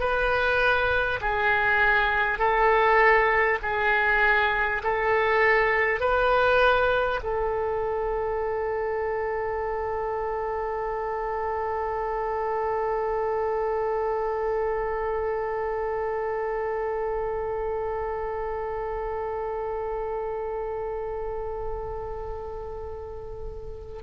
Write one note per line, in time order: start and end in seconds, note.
0.00 1.20 B4
1.21 2.39 G#4
2.39 3.59 A4
3.62 4.82 G#4
4.84 6.01 A4
6.01 7.21 B4
7.23 24.03 A4